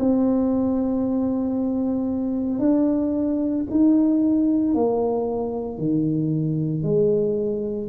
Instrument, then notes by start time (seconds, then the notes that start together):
tuba
0.00 C4
2.59 D4
3.71 D#4
4.75 A#3
5.78 D#3
6.83 G#3